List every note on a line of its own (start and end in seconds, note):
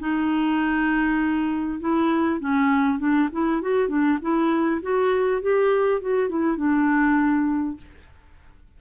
0.00 1.80 D#4
1.81 2.41 E4
2.41 2.99 C#4
2.99 3.29 D4
3.32 3.62 E4
3.62 3.89 F#4
3.89 4.19 D4
4.22 4.82 E4
4.82 5.42 F#4
5.42 6.02 G4
6.02 6.29 F#4
6.29 6.57 E4
6.57 7.77 D4